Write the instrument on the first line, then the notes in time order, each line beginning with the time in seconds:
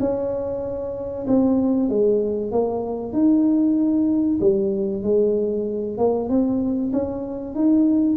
tuba
0.00 C#4
1.27 C4
1.89 G#3
2.52 A#3
3.13 D#4
4.40 G3
5.03 G#3
5.98 A#3
6.29 C4
6.93 C#4
7.55 D#4